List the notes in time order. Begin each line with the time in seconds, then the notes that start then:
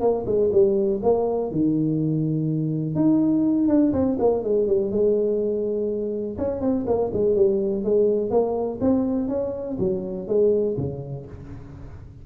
0.00 A#3
0.26 G#3
0.52 G3
1.02 A#3
1.51 D#3
2.95 D#4
3.68 D4
3.93 C4
4.19 A#3
4.43 G#3
4.67 G3
4.91 G#3
6.38 C#4
6.61 C4
6.86 A#3
7.13 G#3
7.35 G3
7.84 G#3
8.30 A#3
8.81 C4
9.28 C#4
9.78 F#3
10.27 G#3
10.77 C#3